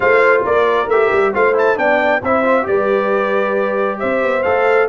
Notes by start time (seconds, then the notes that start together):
0.00 A3 F4 C5 F5
0.44 A#3 A#4 D5
0.87 A3 G4 E5
1.11 G3
1.32 A3 F4 C5 F5
1.54 E4 A5
1.75 B3 D4 D5 G5
2.22 C4 E4 C5 E5
2.43 F4
2.63 G3 G4 B4 D5
3.99 C4 C5 E5
4.22 B3
4.42 A3 A4 F5